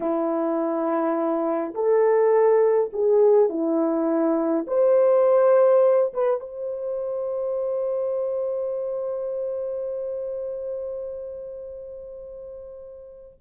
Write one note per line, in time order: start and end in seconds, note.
0.00 1.74 E4
1.74 2.90 A4
2.93 3.49 G#4
3.49 4.65 E4
4.67 6.13 C5
6.13 6.40 B4
6.40 13.39 C5